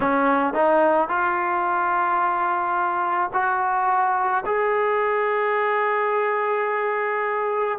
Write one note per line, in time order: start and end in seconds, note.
0.00 0.53 C#4
0.53 1.08 D#4
1.08 3.30 F4
3.33 4.44 F#4
4.45 7.78 G#4